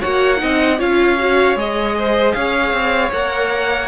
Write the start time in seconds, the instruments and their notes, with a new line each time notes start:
0.00 cello A#3, viola F#4, violin C#5 F#5
0.37 cello C4, viola D#4, violin D#5
0.79 cello C#4, viola F4, violin C#5 F5
1.19 viola F#4
1.56 cello G#3, viola G#4, violin D#5
1.98 violin C5
2.33 cello C#4, violin C#5 F5
2.73 cello C4
3.13 cello A#3, viola A#4, violin F#5